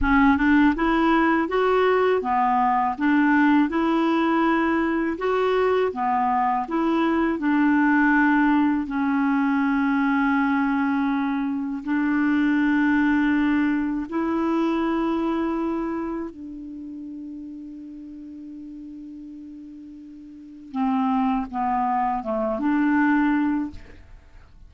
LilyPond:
\new Staff \with { instrumentName = "clarinet" } { \time 4/4 \tempo 4 = 81 cis'8 d'8 e'4 fis'4 b4 | d'4 e'2 fis'4 | b4 e'4 d'2 | cis'1 |
d'2. e'4~ | e'2 d'2~ | d'1 | c'4 b4 a8 d'4. | }